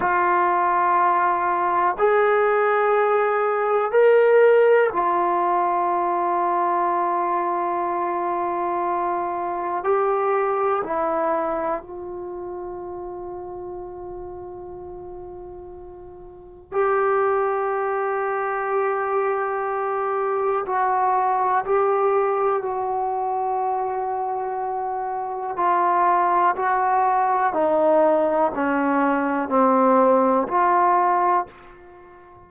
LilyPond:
\new Staff \with { instrumentName = "trombone" } { \time 4/4 \tempo 4 = 61 f'2 gis'2 | ais'4 f'2.~ | f'2 g'4 e'4 | f'1~ |
f'4 g'2.~ | g'4 fis'4 g'4 fis'4~ | fis'2 f'4 fis'4 | dis'4 cis'4 c'4 f'4 | }